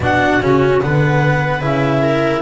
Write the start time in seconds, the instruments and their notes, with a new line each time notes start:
0.00 double bass B2, cello D4, viola F#4, clarinet F#5
0.41 double bass C#3, cello C#4, clarinet F#4
0.81 double bass D3, cello B3, viola B4, clarinet F#5
1.60 double bass C#3, cello E4, clarinet E5
2.02 viola A#4